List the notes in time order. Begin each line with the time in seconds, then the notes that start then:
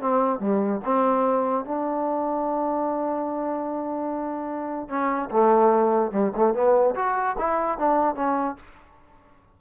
0.00 C4
0.39 G3
0.85 C4
1.65 D4
4.89 C#4
5.30 A3
6.12 G3
6.36 A3
6.54 B3
6.95 F#4
7.38 E4
7.78 D4
8.15 C#4